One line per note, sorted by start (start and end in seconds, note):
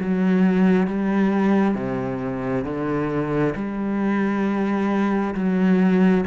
0.00 0.88 F#3
0.88 1.75 G3
1.75 2.65 C3
2.65 3.54 D3
3.56 5.35 G3
5.35 6.24 F#3